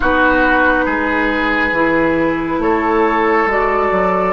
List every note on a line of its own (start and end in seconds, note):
0.00 0.86 B3
0.00 1.73 D#4
0.00 0.85 F#4
0.00 2.61 B4
0.85 1.72 G#3
0.85 2.59 G#4
1.72 2.58 E3
1.72 3.48 E4
2.58 3.45 A3
2.58 4.33 A4
2.58 3.48 C#5
3.46 3.89 G#3
3.46 4.33 F#4
3.46 4.33 D5
3.91 4.33 F#3